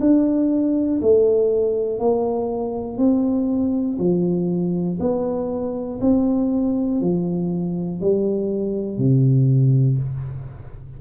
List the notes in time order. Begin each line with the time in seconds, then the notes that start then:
0.00 D4
1.02 A3
2.00 A#3
2.98 C4
3.99 F3
5.00 B3
6.01 C4
7.01 F3
8.00 G3
8.98 C3